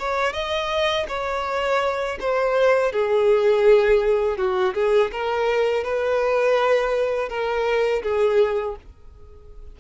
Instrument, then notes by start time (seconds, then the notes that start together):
violin
0.00 C#5
0.34 D#5
1.09 C#5
2.21 C5
2.93 G#4
4.38 F#4
4.75 G#4
5.13 A#4
5.84 B4
7.30 A#4
8.03 G#4